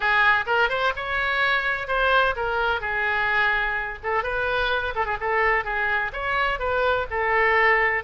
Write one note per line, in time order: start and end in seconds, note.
0.00 0.44 G#4
0.46 0.69 A#4
0.69 0.93 C5
0.96 1.87 C#5
1.87 2.34 C5
2.36 2.80 A#4
2.80 3.98 G#4
4.03 4.23 A4
4.23 4.94 B4
4.95 5.05 A4
5.05 5.17 G#4
5.20 5.64 A4
5.64 6.11 G#4
6.12 6.59 C#5
6.59 7.06 B4
7.10 8.03 A4